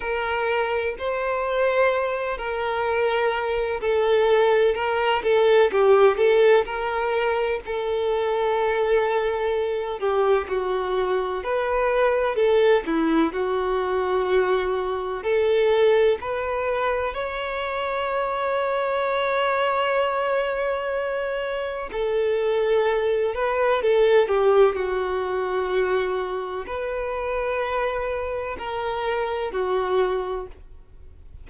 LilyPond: \new Staff \with { instrumentName = "violin" } { \time 4/4 \tempo 4 = 63 ais'4 c''4. ais'4. | a'4 ais'8 a'8 g'8 a'8 ais'4 | a'2~ a'8 g'8 fis'4 | b'4 a'8 e'8 fis'2 |
a'4 b'4 cis''2~ | cis''2. a'4~ | a'8 b'8 a'8 g'8 fis'2 | b'2 ais'4 fis'4 | }